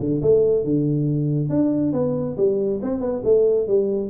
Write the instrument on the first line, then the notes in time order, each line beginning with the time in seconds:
tuba
0.00 D3
0.22 A3
0.64 D3
1.50 D4
1.93 B3
2.37 G3
2.83 C4
3.01 B3
3.25 A3
3.68 G3